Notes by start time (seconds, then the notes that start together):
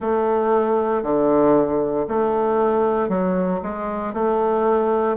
0.00 A3
1.03 D3
2.07 A3
3.08 F#3
3.62 G#3
4.13 A3